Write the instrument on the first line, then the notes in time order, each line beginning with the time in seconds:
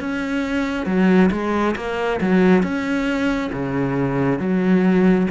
cello
0.00 C#4
0.86 F#3
1.31 G#3
1.76 A#3
2.21 F#3
2.62 C#4
3.53 C#3
4.39 F#3